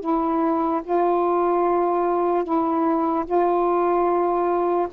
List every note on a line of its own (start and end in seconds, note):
0.00 0.81 E4
0.83 2.43 F4
2.43 3.24 E4
3.25 4.87 F4